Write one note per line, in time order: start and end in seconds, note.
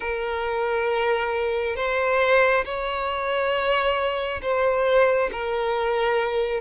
0.00 1.76 A#4
1.76 2.64 C5
2.65 4.41 C#5
4.42 5.30 C5
5.32 6.60 A#4